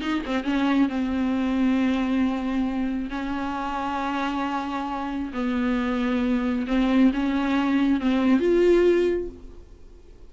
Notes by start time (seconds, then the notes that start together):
0.00 D#4
0.25 C4
0.44 C#4
0.88 C4
3.10 C#4
5.33 B3
6.67 C4
7.13 C#4
8.00 C4
8.39 F4